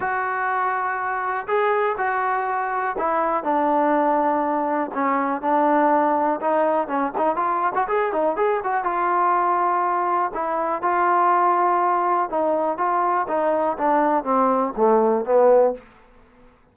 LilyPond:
\new Staff \with { instrumentName = "trombone" } { \time 4/4 \tempo 4 = 122 fis'2. gis'4 | fis'2 e'4 d'4~ | d'2 cis'4 d'4~ | d'4 dis'4 cis'8 dis'8 f'8. fis'16 |
gis'8 dis'8 gis'8 fis'8 f'2~ | f'4 e'4 f'2~ | f'4 dis'4 f'4 dis'4 | d'4 c'4 a4 b4 | }